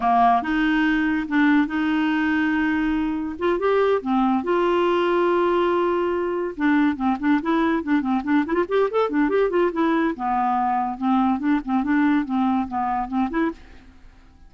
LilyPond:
\new Staff \with { instrumentName = "clarinet" } { \time 4/4 \tempo 4 = 142 ais4 dis'2 d'4 | dis'1 | f'8 g'4 c'4 f'4.~ | f'2.~ f'8 d'8~ |
d'8 c'8 d'8 e'4 d'8 c'8 d'8 | e'16 f'16 g'8 a'8 d'8 g'8 f'8 e'4 | b2 c'4 d'8 c'8 | d'4 c'4 b4 c'8 e'8 | }